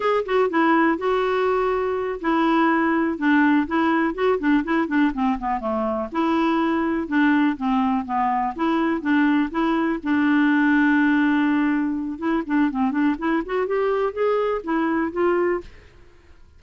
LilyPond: \new Staff \with { instrumentName = "clarinet" } { \time 4/4 \tempo 4 = 123 gis'8 fis'8 e'4 fis'2~ | fis'8 e'2 d'4 e'8~ | e'8 fis'8 d'8 e'8 d'8 c'8 b8 a8~ | a8 e'2 d'4 c'8~ |
c'8 b4 e'4 d'4 e'8~ | e'8 d'2.~ d'8~ | d'4 e'8 d'8 c'8 d'8 e'8 fis'8 | g'4 gis'4 e'4 f'4 | }